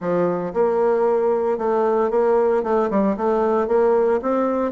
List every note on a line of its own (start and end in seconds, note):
0.00 0.53 F3
0.53 1.57 A#3
1.57 2.10 A3
2.10 2.63 A#3
2.63 2.89 A3
2.90 3.16 G3
3.17 3.67 A3
3.67 4.20 A#3
4.22 4.71 C4